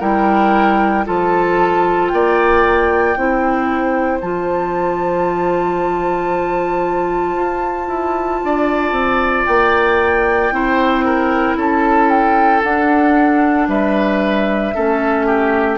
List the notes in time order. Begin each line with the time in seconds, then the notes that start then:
0.00 G3 E4 A#4 G5
1.05 F3 F4 A4 A5
2.09 A#3 D5 G5
3.17 C4 E4 C5
4.21 F3 F4 A5
7.36 F4
7.88 E4
8.45 D4 D5
8.92 C4
9.46 A#3 G5
10.52 C4 E4 C5
11.05 A#4
11.57 C#4 A4 A5
12.10 G5
12.64 D4 F#5
13.68 G3 B4 E5
14.75 A3 C#4 A4
15.27 G4